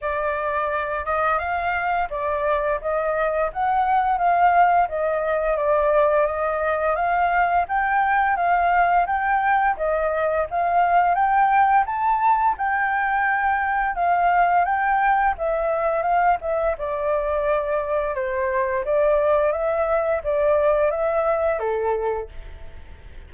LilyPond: \new Staff \with { instrumentName = "flute" } { \time 4/4 \tempo 4 = 86 d''4. dis''8 f''4 d''4 | dis''4 fis''4 f''4 dis''4 | d''4 dis''4 f''4 g''4 | f''4 g''4 dis''4 f''4 |
g''4 a''4 g''2 | f''4 g''4 e''4 f''8 e''8 | d''2 c''4 d''4 | e''4 d''4 e''4 a'4 | }